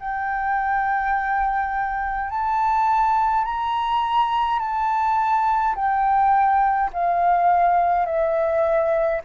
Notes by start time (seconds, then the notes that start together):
0.00 G5
2.30 A5
3.45 A#5
4.60 A5
5.75 G5
6.93 F5
8.06 E5